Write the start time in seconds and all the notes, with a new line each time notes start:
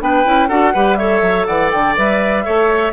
0.00 B3 D4 B4 G5
0.25 C#4 E4
0.49 D4 F#4 A4 F#5
0.74 G3 G4 B4
0.96 A4 C#5 E5
1.22 F#3
1.46 E3 D5 F#5
1.71 D3 G5
1.96 G3 B4 E5
2.45 A3 A4 C#5